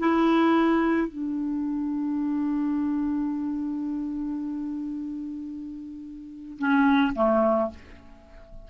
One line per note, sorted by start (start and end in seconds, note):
0.00 1.08 E4
1.08 6.59 D4
6.59 7.14 C#4
7.16 7.71 A3